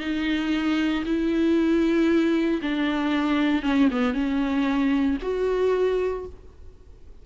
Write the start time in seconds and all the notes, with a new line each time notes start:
0.00 D#4
1.05 E4
2.61 D4
3.63 C#4
3.91 B3
4.13 C#4
5.22 F#4